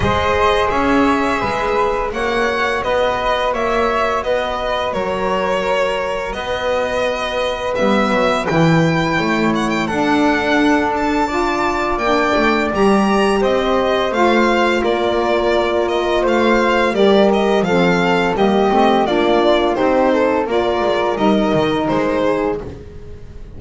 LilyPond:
<<
  \new Staff \with { instrumentName = "violin" } { \time 4/4 \tempo 4 = 85 dis''4 e''2 fis''4 | dis''4 e''4 dis''4 cis''4~ | cis''4 dis''2 e''4 | g''4. fis''16 g''16 fis''4. a''8~ |
a''4 g''4 ais''4 dis''4 | f''4 d''4. dis''8 f''4 | d''8 dis''8 f''4 dis''4 d''4 | c''4 d''4 dis''4 c''4 | }
  \new Staff \with { instrumentName = "flute" } { \time 4/4 c''4 cis''4 b'4 cis''4 | b'4 cis''4 b'4 ais'4~ | ais'4 b'2.~ | b'4 cis''4 a'2 |
d''2. c''4~ | c''4 ais'2 c''4 | ais'4 a'4 g'4 f'4 | g'8 a'8 ais'2~ ais'8 gis'8 | }
  \new Staff \with { instrumentName = "saxophone" } { \time 4/4 gis'2. fis'4~ | fis'1~ | fis'2. b4 | e'2 d'2 |
f'4 d'4 g'2 | f'1 | g'4 c'4 ais8 c'8 d'4 | dis'4 f'4 dis'2 | }
  \new Staff \with { instrumentName = "double bass" } { \time 4/4 gis4 cis'4 gis4 ais4 | b4 ais4 b4 fis4~ | fis4 b2 g8 fis8 | e4 a4 d'2~ |
d'4 ais8 a8 g4 c'4 | a4 ais2 a4 | g4 f4 g8 a8 ais4 | c'4 ais8 gis8 g8 dis8 gis4 | }
>>